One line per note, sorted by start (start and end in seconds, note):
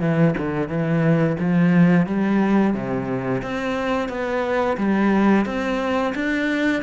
0.00 0.34 E3
0.37 0.68 D3
0.68 1.36 E3
1.39 2.06 F3
2.06 2.74 G3
2.74 3.42 C3
3.42 4.08 C4
4.08 4.77 B3
4.77 5.45 G3
5.45 6.14 C4
6.15 6.83 D4